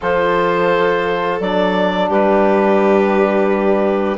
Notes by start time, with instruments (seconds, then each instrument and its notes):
0.01 bassoon F3, trombone F4, violin A4, clarinet C5
1.40 bassoon F#3, trombone D4, clarinet D5
2.08 bassoon G3, violin G4, clarinet B4